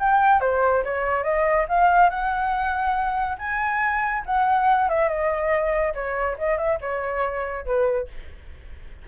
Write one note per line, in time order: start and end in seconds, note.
0.00 0.41 G5
0.41 0.84 C5
0.85 1.24 C#5
1.24 1.67 D#5
1.69 2.10 F5
2.10 3.38 F#5
3.39 4.24 G#5
4.26 4.90 F#5
4.90 5.09 E5
5.09 5.94 D#5
5.95 6.37 C#5
6.39 6.58 D#5
6.58 6.79 E5
6.82 7.66 C#5
7.66 8.08 B4